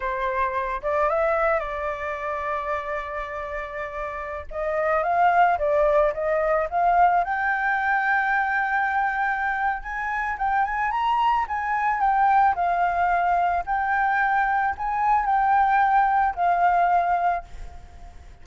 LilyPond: \new Staff \with { instrumentName = "flute" } { \time 4/4 \tempo 4 = 110 c''4. d''8 e''4 d''4~ | d''1~ | d''16 dis''4 f''4 d''4 dis''8.~ | dis''16 f''4 g''2~ g''8.~ |
g''2 gis''4 g''8 gis''8 | ais''4 gis''4 g''4 f''4~ | f''4 g''2 gis''4 | g''2 f''2 | }